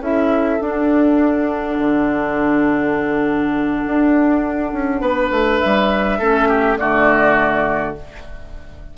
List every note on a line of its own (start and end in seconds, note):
0.00 0.59 C#4
0.00 0.60 E4
0.00 5.01 A4
0.00 0.62 E5
0.61 1.78 D4
0.61 6.20 D4
0.61 5.59 F#5
1.78 3.84 D3
3.86 4.73 D4
4.73 5.01 C#4
5.01 5.30 B3
5.01 6.19 B4
5.31 5.60 A3
5.59 6.77 E5
5.65 6.20 G3
6.19 6.79 A3
6.19 6.79 C#4
6.19 6.48 A4
6.49 6.78 G4
6.77 7.97 D3
6.77 7.96 A3
6.77 7.97 F#4
6.77 7.95 D5